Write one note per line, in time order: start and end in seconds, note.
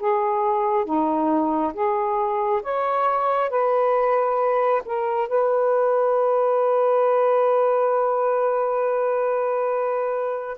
0.00 0.85 G#4
0.85 1.73 D#4
1.73 2.61 G#4
2.63 3.50 C#5
3.50 4.82 B4
4.85 5.28 A#4
5.28 10.58 B4